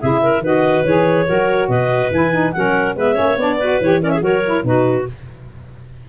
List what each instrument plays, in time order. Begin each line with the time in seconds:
0.00 tuba C#3, saxophone E4, clarinet G#4 E5
0.22 clarinet A#4
0.39 tuba D#3, saxophone F#4, clarinet B4
0.45 clarinet D#5
0.85 tuba E3, saxophone G#4, clarinet C#5
1.26 tuba F#3, saxophone F#4, clarinet A#4
1.68 tuba B2, clarinet B4 D#5
2.11 tuba E3, saxophone E4, clarinet G#5
2.32 saxophone D#4
2.52 tuba F#3, saxophone C#4, clarinet A#4 F#5
2.96 tuba G#3, saxophone B3, clarinet B4 E5
3.14 tuba A#3, saxophone C#4, clarinet C#5
3.37 tuba B3, saxophone D4, clarinet D5
3.58 saxophone F#4, clarinet B4
3.81 tuba E3, saxophone G4, clarinet C#5
4.01 saxophone C#4, clarinet A#4 D5
4.10 clarinet G#4 E5
4.21 tuba F#3, saxophone F#4, clarinet A#4 C#5
4.45 saxophone E4
4.63 tuba B2, saxophone D#4, clarinet F#4 B4